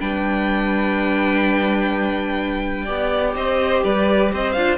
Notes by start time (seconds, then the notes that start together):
0.00 G3 D4 B4 G5
2.85 B3 G4 D5
3.35 C4 C5 D#5
3.84 G3 B4 D5
4.32 C4 C5 D#5
4.52 D4 F4 F5